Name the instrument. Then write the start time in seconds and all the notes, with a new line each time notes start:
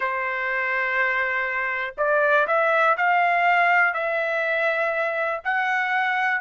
trumpet
0.00 C5
1.97 D5
2.47 E5
2.97 F5
3.93 E5
5.44 F#5